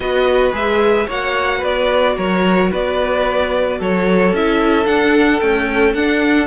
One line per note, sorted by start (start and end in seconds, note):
0.00 0.52 B3
0.00 0.52 F#4
0.00 1.07 B4
0.00 0.53 D#5
0.52 1.07 G#3
0.52 1.06 G#4
0.52 1.09 E5
1.07 1.62 A#3
1.07 4.32 F#4
1.07 1.58 C#5
1.07 1.64 F#5
1.58 2.17 B3
1.58 2.12 B4
1.58 2.17 D5
2.16 2.71 F#3
2.16 2.70 A#4
2.16 2.71 C#5
2.70 3.80 B3
2.70 3.78 B4
2.70 3.81 D5
3.78 4.32 F#3
3.78 6.47 A4
3.78 4.35 C#5
4.32 4.86 C#4
4.32 4.85 E4
4.32 4.85 E5
4.85 5.39 D4
4.85 5.41 D4
4.85 5.40 F#5
5.40 5.96 A3
5.40 5.94 C#4
5.40 5.93 G5
5.93 6.47 D4
5.93 6.47 F#5